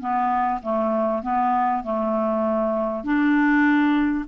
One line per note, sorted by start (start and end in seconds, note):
0.00 0.61 B3
0.62 1.23 A3
1.23 1.83 B3
1.83 3.04 A3
3.04 4.25 D4